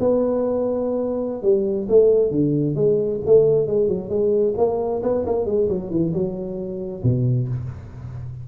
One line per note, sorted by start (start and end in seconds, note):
0.00 1.43 B3
1.43 1.87 G3
1.89 2.31 A3
2.31 2.75 D3
2.75 3.20 G#3
3.26 3.67 A3
3.67 3.88 G#3
3.88 4.09 F#3
4.09 4.54 G#3
4.58 5.02 A#3
5.03 5.26 B3
5.26 5.46 A#3
5.46 5.68 G#3
5.69 5.91 F#3
5.91 6.13 E3
6.13 7.03 F#3
7.03 7.48 B2